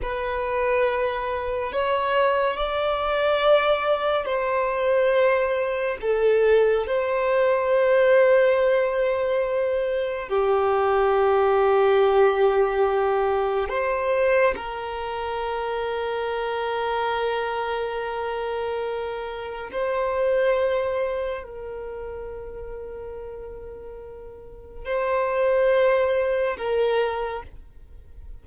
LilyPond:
\new Staff \with { instrumentName = "violin" } { \time 4/4 \tempo 4 = 70 b'2 cis''4 d''4~ | d''4 c''2 a'4 | c''1 | g'1 |
c''4 ais'2.~ | ais'2. c''4~ | c''4 ais'2.~ | ais'4 c''2 ais'4 | }